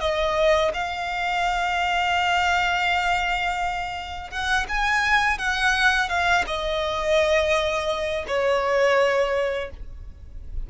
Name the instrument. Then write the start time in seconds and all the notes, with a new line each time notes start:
violin
0.00 D#5
0.73 F5
4.31 F#5
4.69 G#5
5.38 F#5
6.09 F5
6.47 D#5
8.27 C#5